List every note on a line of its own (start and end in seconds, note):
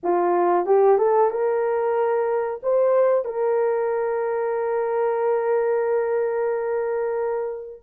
0.03 0.66 F4
0.66 0.98 G4
0.98 1.30 A4
1.30 2.60 A#4
2.62 3.24 C5
3.24 7.81 A#4